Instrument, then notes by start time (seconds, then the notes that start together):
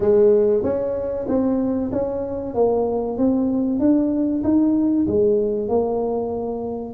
tuba
0.00 G#3
0.63 C#4
1.27 C4
1.92 C#4
2.54 A#3
3.17 C4
3.79 D4
4.43 D#4
5.07 G#3
5.68 A#3